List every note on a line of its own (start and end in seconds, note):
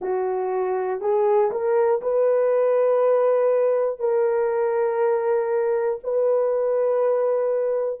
0.00 1.00 F#4
1.00 1.50 G#4
1.51 2.01 A#4
2.01 3.99 B4
3.99 5.99 A#4
6.03 8.00 B4